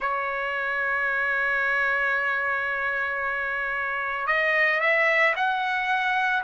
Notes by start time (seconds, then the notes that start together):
0.00 C#5
4.26 D#5
4.80 E5
5.36 F#5